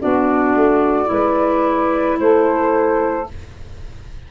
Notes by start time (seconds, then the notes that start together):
0.00 B3 D4 F#4 D5
0.55 A3
1.06 G#3 E4 B4
2.19 A3 A4 C5